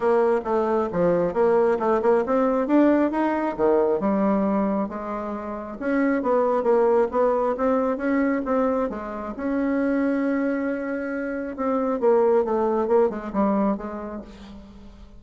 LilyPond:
\new Staff \with { instrumentName = "bassoon" } { \time 4/4 \tempo 4 = 135 ais4 a4 f4 ais4 | a8 ais8 c'4 d'4 dis'4 | dis4 g2 gis4~ | gis4 cis'4 b4 ais4 |
b4 c'4 cis'4 c'4 | gis4 cis'2.~ | cis'2 c'4 ais4 | a4 ais8 gis8 g4 gis4 | }